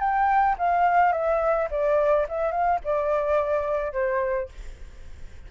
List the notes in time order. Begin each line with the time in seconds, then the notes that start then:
0.00 G5
0.58 F5
1.12 E5
1.71 D5
2.29 E5
2.52 F5
2.85 D5
3.93 C5